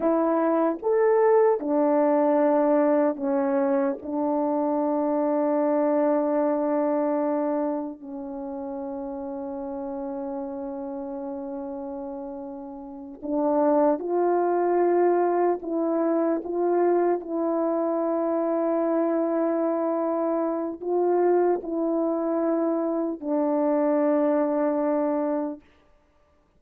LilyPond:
\new Staff \with { instrumentName = "horn" } { \time 4/4 \tempo 4 = 75 e'4 a'4 d'2 | cis'4 d'2.~ | d'2 cis'2~ | cis'1~ |
cis'8 d'4 f'2 e'8~ | e'8 f'4 e'2~ e'8~ | e'2 f'4 e'4~ | e'4 d'2. | }